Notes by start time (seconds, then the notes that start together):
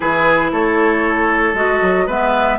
0.00 E3 E4 G#4 B4
0.52 A3 A4 C#5
1.54 G#3 F#4 D#5
1.81 F#3
2.06 G#3 B3 B4 E5